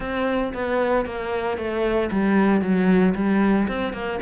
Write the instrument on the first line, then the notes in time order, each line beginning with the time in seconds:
cello
0.00 C4
0.53 B3
1.05 A#3
1.57 A3
2.11 G3
2.61 F#3
3.14 G3
3.67 C4
3.93 A#3